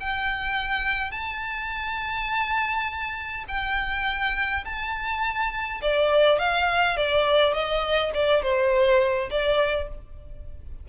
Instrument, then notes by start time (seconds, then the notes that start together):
violin
0.00 G5
1.11 A5
3.48 G5
4.65 A5
5.81 D5
6.39 F5
6.97 D5
7.54 D#5
8.14 D5
8.42 C5
9.30 D5